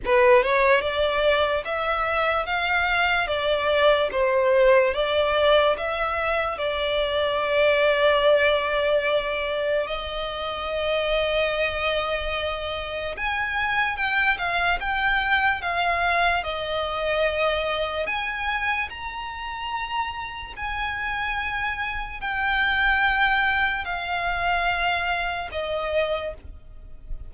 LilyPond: \new Staff \with { instrumentName = "violin" } { \time 4/4 \tempo 4 = 73 b'8 cis''8 d''4 e''4 f''4 | d''4 c''4 d''4 e''4 | d''1 | dis''1 |
gis''4 g''8 f''8 g''4 f''4 | dis''2 gis''4 ais''4~ | ais''4 gis''2 g''4~ | g''4 f''2 dis''4 | }